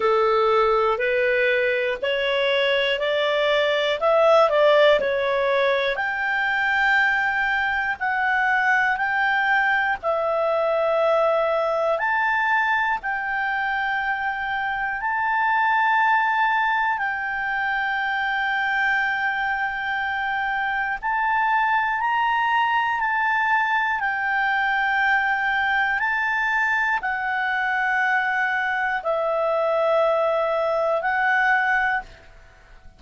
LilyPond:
\new Staff \with { instrumentName = "clarinet" } { \time 4/4 \tempo 4 = 60 a'4 b'4 cis''4 d''4 | e''8 d''8 cis''4 g''2 | fis''4 g''4 e''2 | a''4 g''2 a''4~ |
a''4 g''2.~ | g''4 a''4 ais''4 a''4 | g''2 a''4 fis''4~ | fis''4 e''2 fis''4 | }